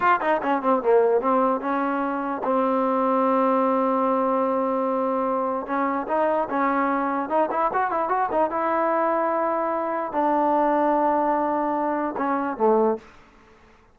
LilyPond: \new Staff \with { instrumentName = "trombone" } { \time 4/4 \tempo 4 = 148 f'8 dis'8 cis'8 c'8 ais4 c'4 | cis'2 c'2~ | c'1~ | c'2 cis'4 dis'4 |
cis'2 dis'8 e'8 fis'8 e'8 | fis'8 dis'8 e'2.~ | e'4 d'2.~ | d'2 cis'4 a4 | }